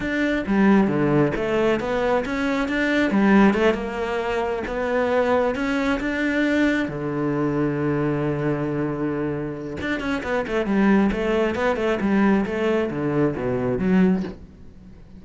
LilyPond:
\new Staff \with { instrumentName = "cello" } { \time 4/4 \tempo 4 = 135 d'4 g4 d4 a4 | b4 cis'4 d'4 g4 | a8 ais2 b4.~ | b8 cis'4 d'2 d8~ |
d1~ | d2 d'8 cis'8 b8 a8 | g4 a4 b8 a8 g4 | a4 d4 b,4 fis4 | }